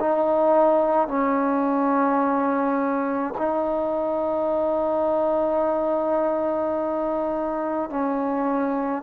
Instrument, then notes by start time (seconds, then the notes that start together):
trombone
0.00 D#4
1.08 C#4
3.38 D#4
7.90 C#4